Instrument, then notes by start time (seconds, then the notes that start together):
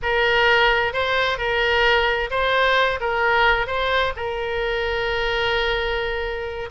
oboe
0.02 A#4
0.93 C5
1.37 A#4
2.30 C5
3.00 A#4
3.67 C5
4.16 A#4